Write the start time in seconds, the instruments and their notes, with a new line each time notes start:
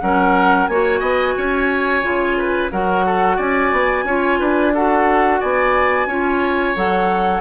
0.00 bassoon F#3, clarinet C#4, oboe A#4, flute F#5
0.66 bassoon A#3, clarinet F#4, oboe C#5, flute G#5
1.00 bassoon B3, oboe D#5
1.37 bassoon C#4, oboe C#5
2.02 bassoon C#3, clarinet F4
2.37 oboe B4
2.71 bassoon F#3, clarinet F#4, oboe A#4, flute F#5
3.06 oboe A4
3.37 bassoon C#4, oboe D5, flute G#5
3.72 bassoon B3
4.04 bassoon C#4, clarinet F4, oboe C#5
4.39 bassoon D4, oboe B4
4.74 clarinet F#4, oboe A4, flute F#5
5.40 bassoon B3, oboe D5, flute G#5
6.06 bassoon C#4, clarinet F4, oboe C#5
6.75 bassoon F#3, clarinet A4, flute F#5